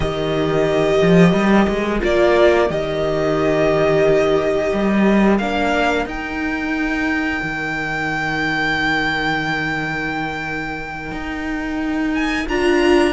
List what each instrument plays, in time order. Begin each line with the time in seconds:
0.00 cello D#3, viola G4, violin A#4 D#5
1.01 cello F3
1.33 cello G3
1.68 cello G#3
1.99 cello A#3, viola F4, violin D5
2.70 cello D#3, viola G4, violin D#5
4.72 cello G3
5.37 cello A#3, viola D4, violin F5
6.05 cello D#4, viola D#4, violin G5
7.42 cello D#3
11.11 cello D#4
12.14 violin G#5
12.48 cello D4, viola F4, violin A#5